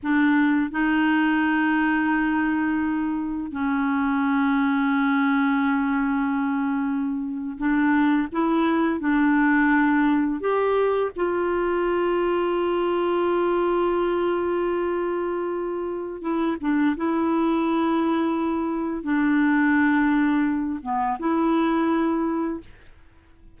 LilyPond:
\new Staff \with { instrumentName = "clarinet" } { \time 4/4 \tempo 4 = 85 d'4 dis'2.~ | dis'4 cis'2.~ | cis'2~ cis'8. d'4 e'16~ | e'8. d'2 g'4 f'16~ |
f'1~ | f'2. e'8 d'8 | e'2. d'4~ | d'4. b8 e'2 | }